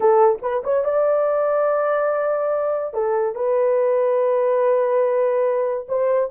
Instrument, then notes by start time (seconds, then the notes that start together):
horn
0.00 A4
0.42 B4
0.63 C#5
0.84 D5
2.93 A4
3.35 B4
5.88 C5